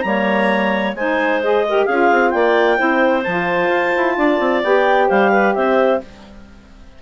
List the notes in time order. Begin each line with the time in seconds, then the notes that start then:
0.00 G3 A#3 C#5 A#5
0.94 G#3 D#4 C5 G#5
1.42 G#4 D#5
1.67 G4 A#4
1.85 C#4 F4 G#4 F5
2.11 C4
2.29 A#3 D5 G5
2.76 C4 E4 C5
3.23 F3 F4 A5
3.69 F4
3.97 E4
4.17 D4 D5
4.39 C4
4.63 B3 G4 G5
5.07 G3 C5 F5
5.32 B4
5.54 C4 C5 E5